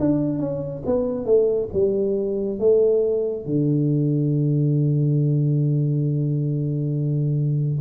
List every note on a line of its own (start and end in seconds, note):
0.00 0.40 D4
0.40 0.83 C#4
0.86 1.26 B3
1.26 1.69 A3
1.73 2.59 G3
2.59 3.45 A3
3.45 7.80 D3